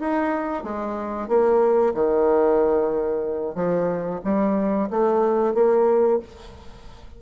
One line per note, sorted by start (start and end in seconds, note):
0.00 0.64 D#4
0.64 1.28 G#3
1.28 1.94 A#3
1.94 3.55 D#3
3.55 4.21 F3
4.25 4.90 G3
4.91 5.55 A3
5.55 6.20 A#3